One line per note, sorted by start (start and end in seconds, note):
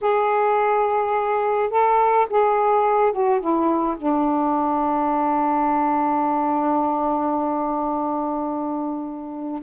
0.01 1.70 G#4
1.70 2.26 A4
2.30 3.12 G#4
3.12 3.40 F#4
3.40 3.96 E4
3.97 9.62 D4